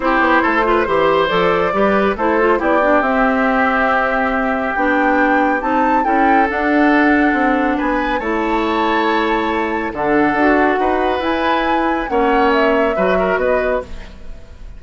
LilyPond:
<<
  \new Staff \with { instrumentName = "flute" } { \time 4/4 \tempo 4 = 139 c''2. d''4~ | d''4 c''4 d''4 e''4~ | e''2. g''4~ | g''4 a''4 g''4 fis''4~ |
fis''2 gis''4 a''4~ | a''2. fis''4~ | fis''2 gis''2 | fis''4 e''2 dis''4 | }
  \new Staff \with { instrumentName = "oboe" } { \time 4/4 g'4 a'8 b'8 c''2 | b'4 a'4 g'2~ | g'1~ | g'2 a'2~ |
a'2 b'4 cis''4~ | cis''2. a'4~ | a'4 b'2. | cis''2 b'8 ais'8 b'4 | }
  \new Staff \with { instrumentName = "clarinet" } { \time 4/4 e'4. f'8 g'4 a'4 | g'4 e'8 f'8 e'8 d'8 c'4~ | c'2. d'4~ | d'4 dis'4 e'4 d'4~ |
d'2. e'4~ | e'2. d'4 | fis'2 e'2 | cis'2 fis'2 | }
  \new Staff \with { instrumentName = "bassoon" } { \time 4/4 c'8 b8 a4 e4 f4 | g4 a4 b4 c'4~ | c'2. b4~ | b4 c'4 cis'4 d'4~ |
d'4 c'4 b4 a4~ | a2. d4 | d'4 dis'4 e'2 | ais2 fis4 b4 | }
>>